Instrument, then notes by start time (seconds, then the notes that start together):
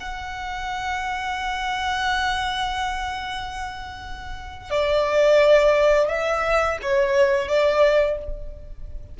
violin
0.00 F#5
4.70 D5
6.08 E5
6.82 C#5
7.48 D5